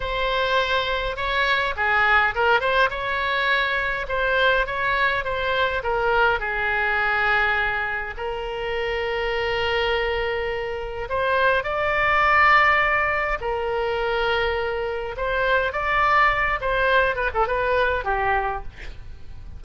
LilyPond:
\new Staff \with { instrumentName = "oboe" } { \time 4/4 \tempo 4 = 103 c''2 cis''4 gis'4 | ais'8 c''8 cis''2 c''4 | cis''4 c''4 ais'4 gis'4~ | gis'2 ais'2~ |
ais'2. c''4 | d''2. ais'4~ | ais'2 c''4 d''4~ | d''8 c''4 b'16 a'16 b'4 g'4 | }